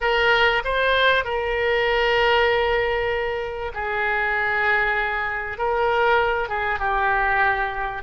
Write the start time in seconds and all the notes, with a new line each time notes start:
0.00 A#4
0.64 C5
1.24 A#4
3.74 G#4
5.58 A#4
6.48 G#4
6.79 G4